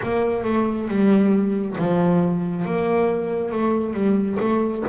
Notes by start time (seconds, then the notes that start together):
0.02 A#3
0.44 A3
0.88 G3
1.78 F3
2.65 A#3
3.51 A3
3.93 G3
4.39 A3